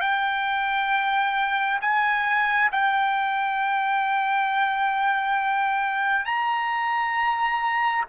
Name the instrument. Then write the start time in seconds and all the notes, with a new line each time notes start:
trumpet
0.00 G5
1.81 G#5
2.72 G5
6.25 A#5